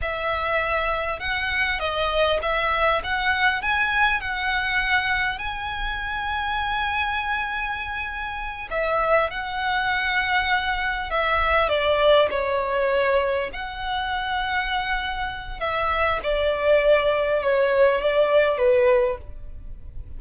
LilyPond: \new Staff \with { instrumentName = "violin" } { \time 4/4 \tempo 4 = 100 e''2 fis''4 dis''4 | e''4 fis''4 gis''4 fis''4~ | fis''4 gis''2.~ | gis''2~ gis''8 e''4 fis''8~ |
fis''2~ fis''8 e''4 d''8~ | d''8 cis''2 fis''4.~ | fis''2 e''4 d''4~ | d''4 cis''4 d''4 b'4 | }